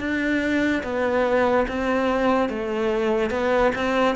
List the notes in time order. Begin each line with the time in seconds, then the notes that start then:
0.00 D4
0.84 B3
1.68 C4
2.50 A3
3.31 B3
3.76 C4